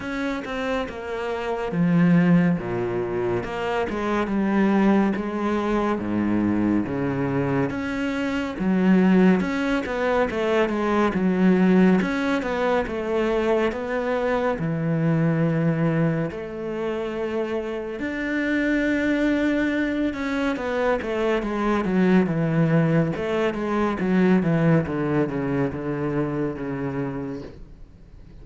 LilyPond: \new Staff \with { instrumentName = "cello" } { \time 4/4 \tempo 4 = 70 cis'8 c'8 ais4 f4 ais,4 | ais8 gis8 g4 gis4 gis,4 | cis4 cis'4 fis4 cis'8 b8 | a8 gis8 fis4 cis'8 b8 a4 |
b4 e2 a4~ | a4 d'2~ d'8 cis'8 | b8 a8 gis8 fis8 e4 a8 gis8 | fis8 e8 d8 cis8 d4 cis4 | }